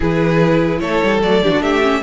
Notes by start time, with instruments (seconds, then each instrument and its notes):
0.00 cello E3, viola E4, violin G#4 B4
0.79 cello A3, violin A4 C#5
1.03 cello G3
1.21 cello F#3, viola A3, violin D5
1.43 cello E3, viola D4, violin G4
1.51 cello D3, violin F#4
1.60 cello A3, violin G4 E5
1.82 viola C#4